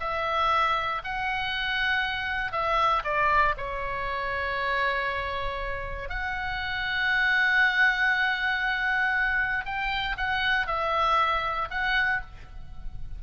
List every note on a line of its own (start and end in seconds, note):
0.00 1.02 E5
1.04 2.52 F#5
2.52 3.03 E5
3.04 3.55 D5
3.57 6.09 C#5
6.09 9.65 F#5
9.66 10.16 G5
10.17 10.67 F#5
10.67 11.68 E5
11.70 12.21 F#5